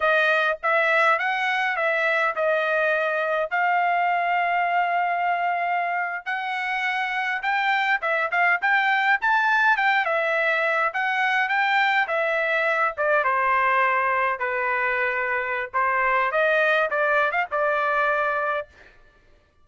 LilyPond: \new Staff \with { instrumentName = "trumpet" } { \time 4/4 \tempo 4 = 103 dis''4 e''4 fis''4 e''4 | dis''2 f''2~ | f''2~ f''8. fis''4~ fis''16~ | fis''8. g''4 e''8 f''8 g''4 a''16~ |
a''8. g''8 e''4. fis''4 g''16~ | g''8. e''4. d''8 c''4~ c''16~ | c''8. b'2~ b'16 c''4 | dis''4 d''8. f''16 d''2 | }